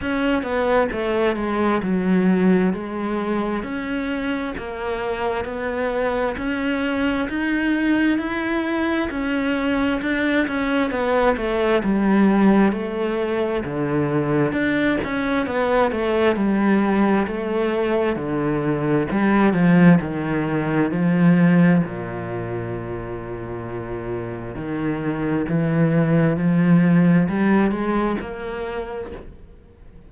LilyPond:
\new Staff \with { instrumentName = "cello" } { \time 4/4 \tempo 4 = 66 cis'8 b8 a8 gis8 fis4 gis4 | cis'4 ais4 b4 cis'4 | dis'4 e'4 cis'4 d'8 cis'8 | b8 a8 g4 a4 d4 |
d'8 cis'8 b8 a8 g4 a4 | d4 g8 f8 dis4 f4 | ais,2. dis4 | e4 f4 g8 gis8 ais4 | }